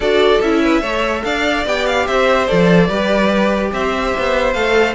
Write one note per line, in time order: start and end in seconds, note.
0.00 0.38 D4
0.00 0.43 F#4
0.00 0.61 A4
0.00 0.41 D5
0.41 0.81 C#4
0.41 0.83 E4
0.41 1.24 E5
0.62 0.81 B4
0.81 1.23 A3
0.81 1.65 A4
0.81 1.22 C#5
1.24 1.65 D4
1.24 2.06 D5
1.24 1.65 F5
1.66 2.07 B3
1.66 2.48 G4
1.66 1.86 G5
1.86 2.06 F5
2.06 2.49 C4
2.06 2.87 C5
2.06 2.47 E5
2.47 2.88 F3
2.47 2.89 A4
2.47 3.71 D5
2.87 3.71 G3
2.87 4.55 G4
2.87 3.70 B4
3.72 4.13 C4
3.72 4.95 C5
3.72 4.53 E5
4.18 4.54 B3
4.53 4.95 A3
4.53 4.95 A4
4.53 4.94 F5